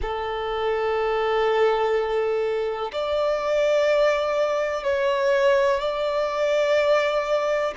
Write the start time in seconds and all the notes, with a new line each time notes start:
0.01 A4
2.92 D5
4.83 C#5
5.80 D5